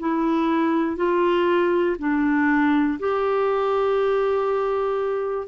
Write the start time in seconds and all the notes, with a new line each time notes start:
0.00 E4
0.97 F4
1.99 D4
3.00 G4